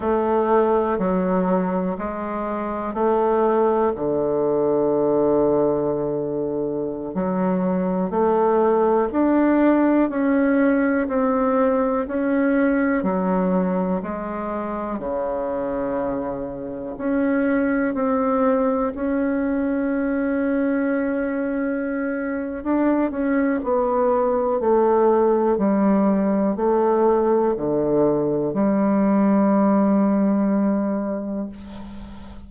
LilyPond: \new Staff \with { instrumentName = "bassoon" } { \time 4/4 \tempo 4 = 61 a4 fis4 gis4 a4 | d2.~ d16 fis8.~ | fis16 a4 d'4 cis'4 c'8.~ | c'16 cis'4 fis4 gis4 cis8.~ |
cis4~ cis16 cis'4 c'4 cis'8.~ | cis'2. d'8 cis'8 | b4 a4 g4 a4 | d4 g2. | }